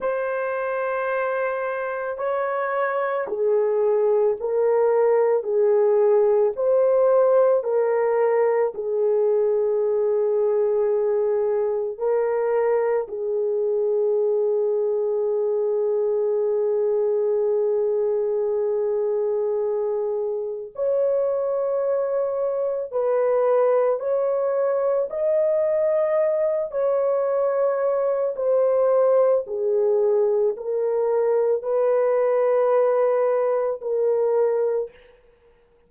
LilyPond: \new Staff \with { instrumentName = "horn" } { \time 4/4 \tempo 4 = 55 c''2 cis''4 gis'4 | ais'4 gis'4 c''4 ais'4 | gis'2. ais'4 | gis'1~ |
gis'2. cis''4~ | cis''4 b'4 cis''4 dis''4~ | dis''8 cis''4. c''4 gis'4 | ais'4 b'2 ais'4 | }